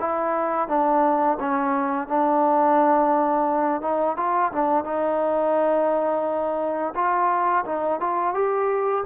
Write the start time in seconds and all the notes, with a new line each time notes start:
0.00 E4
0.68 D4
1.40 C#4
2.08 D4
3.82 D#4
4.17 F4
4.53 D4
4.85 D#4
6.95 F4
7.66 D#4
8.00 F4
8.34 G4